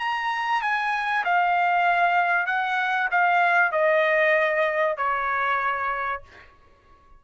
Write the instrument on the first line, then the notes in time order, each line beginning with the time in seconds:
trumpet
0.00 A#5
0.62 G#5
1.25 F5
2.47 F#5
3.12 F5
3.72 D#5
4.97 C#5